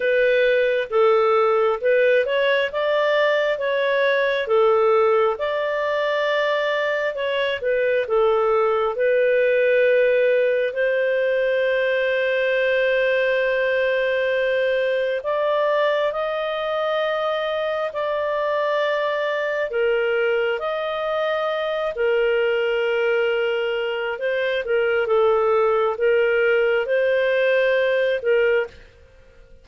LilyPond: \new Staff \with { instrumentName = "clarinet" } { \time 4/4 \tempo 4 = 67 b'4 a'4 b'8 cis''8 d''4 | cis''4 a'4 d''2 | cis''8 b'8 a'4 b'2 | c''1~ |
c''4 d''4 dis''2 | d''2 ais'4 dis''4~ | dis''8 ais'2~ ais'8 c''8 ais'8 | a'4 ais'4 c''4. ais'8 | }